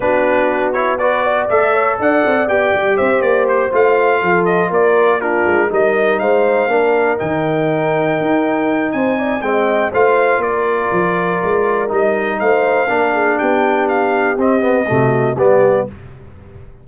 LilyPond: <<
  \new Staff \with { instrumentName = "trumpet" } { \time 4/4 \tempo 4 = 121 b'4. cis''8 d''4 e''4 | fis''4 g''4 e''8 d''8 c''8 f''8~ | f''4 dis''8 d''4 ais'4 dis''8~ | dis''8 f''2 g''4.~ |
g''2 gis''4 g''4 | f''4 d''2. | dis''4 f''2 g''4 | f''4 dis''2 d''4 | }
  \new Staff \with { instrumentName = "horn" } { \time 4/4 fis'2 b'8 d''4 cis''8 | d''2 c''2~ | c''8 a'4 ais'4 f'4 ais'8~ | ais'8 c''4 ais'2~ ais'8~ |
ais'2 c''8 d''8 dis''4 | c''4 ais'2.~ | ais'4 c''4 ais'8 gis'8 g'4~ | g'2 fis'4 g'4 | }
  \new Staff \with { instrumentName = "trombone" } { \time 4/4 d'4. e'8 fis'4 a'4~ | a'4 g'2~ g'8 f'8~ | f'2~ f'8 d'4 dis'8~ | dis'4. d'4 dis'4.~ |
dis'2. c'4 | f'1 | dis'2 d'2~ | d'4 c'8 b8 a4 b4 | }
  \new Staff \with { instrumentName = "tuba" } { \time 4/4 b2. a4 | d'8 c'8 b8 g8 c'8 ais4 a8~ | a8 f4 ais4. gis8 g8~ | g8 gis4 ais4 dis4.~ |
dis8 dis'4. c'4 gis4 | a4 ais4 f4 gis4 | g4 a4 ais4 b4~ | b4 c'4 c4 g4 | }
>>